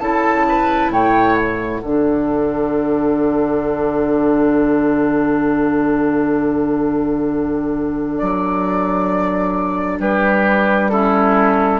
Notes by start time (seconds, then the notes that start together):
0.00 C#3 E4 A4 A5
0.48 B4
0.90 A2 C#5 G5
1.37 F#5
1.82 D3 D4 A4
8.18 F#3 D5
10.00 G3 G4 B4
10.90 C#4 E4 A4